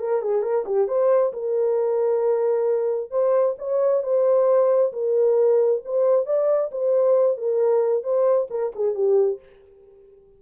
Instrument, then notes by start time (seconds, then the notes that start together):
horn
0.00 A#4
0.22 G#4
0.43 A#4
0.66 G4
0.89 C5
1.34 A#4
3.11 C5
3.59 C#5
4.03 C5
4.93 A#4
5.85 C5
6.26 D5
6.72 C5
7.38 A#4
8.04 C5
8.51 A#4
8.76 G#4
8.95 G4